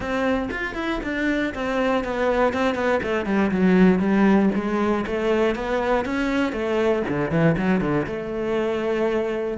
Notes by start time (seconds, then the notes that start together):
0.00 C4
0.50 F4
0.74 E4
1.03 D4
1.54 C4
2.04 B3
2.53 C4
2.75 B3
3.02 A3
3.25 G3
3.51 F#3
3.99 G3
4.54 G#3
5.06 A3
5.55 B3
6.05 C#4
6.52 A3
7.08 D3
7.30 E3
7.57 F#3
7.80 D3
8.06 A3